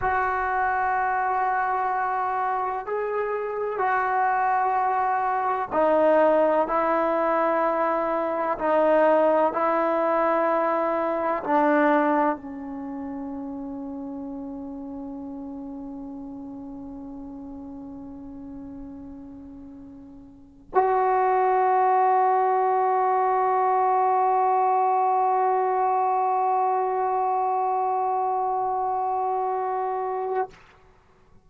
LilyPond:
\new Staff \with { instrumentName = "trombone" } { \time 4/4 \tempo 4 = 63 fis'2. gis'4 | fis'2 dis'4 e'4~ | e'4 dis'4 e'2 | d'4 cis'2.~ |
cis'1~ | cis'4.~ cis'16 fis'2~ fis'16~ | fis'1~ | fis'1 | }